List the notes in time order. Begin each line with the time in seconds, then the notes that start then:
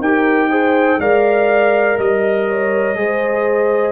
0.00 D#4 G4 A#4 G5
0.51 G#4 C5
0.99 G#3 A#4 D5 F5
1.98 G3 D#5
2.49 C#5
2.95 G#3 G#4 C5